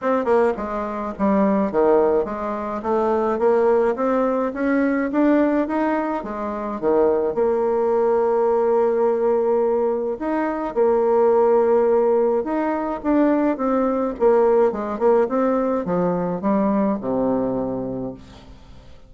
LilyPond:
\new Staff \with { instrumentName = "bassoon" } { \time 4/4 \tempo 4 = 106 c'8 ais8 gis4 g4 dis4 | gis4 a4 ais4 c'4 | cis'4 d'4 dis'4 gis4 | dis4 ais2.~ |
ais2 dis'4 ais4~ | ais2 dis'4 d'4 | c'4 ais4 gis8 ais8 c'4 | f4 g4 c2 | }